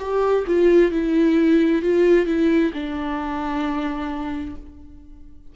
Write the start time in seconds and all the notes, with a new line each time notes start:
0.00 G4
0.48 F4
0.92 E4
1.83 F4
2.27 E4
2.74 D4